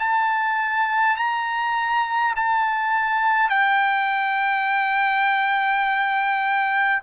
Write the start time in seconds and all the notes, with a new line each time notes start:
0.00 A5
1.17 A#5
2.36 A5
3.50 G5